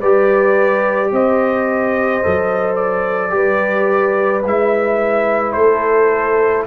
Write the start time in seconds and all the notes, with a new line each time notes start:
0.00 G3 G4 B4 D5
1.12 C4 C5 D#5
2.23 F#3 A4
2.76 D5
3.31 G3 G4 B4
4.45 G#3 E4 E5
5.53 A3 A4 C5